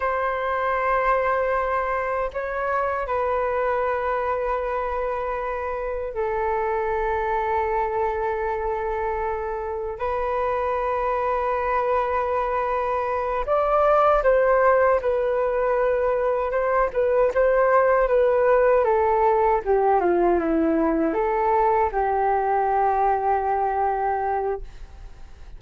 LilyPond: \new Staff \with { instrumentName = "flute" } { \time 4/4 \tempo 4 = 78 c''2. cis''4 | b'1 | a'1~ | a'4 b'2.~ |
b'4. d''4 c''4 b'8~ | b'4. c''8 b'8 c''4 b'8~ | b'8 a'4 g'8 f'8 e'4 a'8~ | a'8 g'2.~ g'8 | }